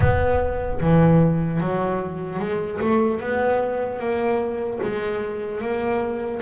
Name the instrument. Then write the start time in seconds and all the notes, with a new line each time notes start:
double bass
0.00 B3
0.80 E3
1.60 F#3
2.39 G#3
2.80 A3
3.20 B3
3.99 A#3
4.82 G#3
5.61 A#3